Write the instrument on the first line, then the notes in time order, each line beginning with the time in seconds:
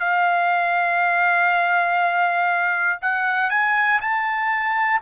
trumpet
0.00 F5
3.02 F#5
3.50 G#5
4.01 A5